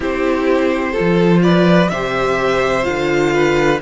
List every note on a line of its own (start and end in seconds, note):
0.00 0.95 C4
0.00 0.94 E4
0.00 0.92 G4
0.00 1.42 C5
0.92 1.90 F4
0.92 1.39 A4
0.99 1.91 F3
1.42 1.90 B4
1.42 1.89 D5
1.89 2.86 C3
1.89 2.83 G4
1.89 3.33 C5
1.89 2.84 E5
2.83 3.81 D3
2.83 3.78 F4
2.83 3.79 F5
3.33 3.81 B4